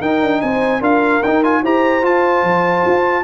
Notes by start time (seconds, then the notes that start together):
0.00 D#4 A#4 G5
0.22 D4
0.41 C4 C5 G#5
0.80 D4 F4 A#4 F5
1.23 D#4 G5
1.43 F4 G#5
1.62 E4 G4 C5 A#5
2.03 F4 A5
2.43 F3
2.86 F4